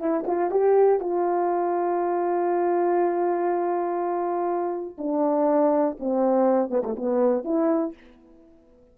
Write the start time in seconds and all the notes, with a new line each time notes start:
0.00 E4
0.27 F4
0.51 G4
1.00 F4
4.99 D4
6.00 C4
6.70 B3
6.84 A3
6.96 B3
7.45 E4